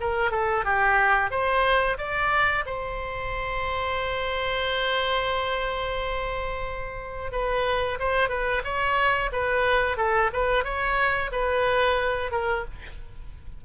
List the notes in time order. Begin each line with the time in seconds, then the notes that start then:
0.00 A#4
0.31 A4
0.65 G4
1.31 C5
1.98 D5
2.66 C5
7.32 B4
7.99 C5
8.29 B4
8.64 C#5
9.32 B4
9.97 A4
10.33 B4
10.64 C#5
11.32 B4
12.31 A#4